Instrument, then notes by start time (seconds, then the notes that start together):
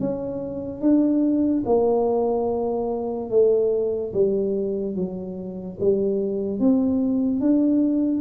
tuba
0.00 C#4
0.81 D4
1.66 A#3
3.30 A3
4.14 G3
4.96 F#3
5.80 G3
6.60 C4
7.40 D4